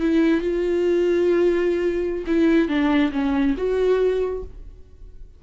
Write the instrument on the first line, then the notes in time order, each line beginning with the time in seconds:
viola
0.00 E4
0.41 F4
2.27 E4
2.68 D4
3.12 C#4
3.57 F#4